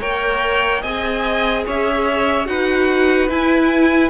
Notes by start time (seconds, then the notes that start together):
0.00 A#3 A#4 C#5 G5
0.82 C4 G#4 D#5 G#5
1.66 C#4 C#5 E5
2.45 D#4 F#4 B4 F#5
3.28 E4 G#5